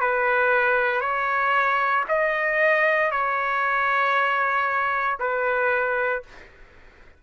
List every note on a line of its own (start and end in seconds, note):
0.00 1.01 B4
1.01 2.04 C#5
2.08 3.11 D#5
3.11 5.18 C#5
5.20 6.23 B4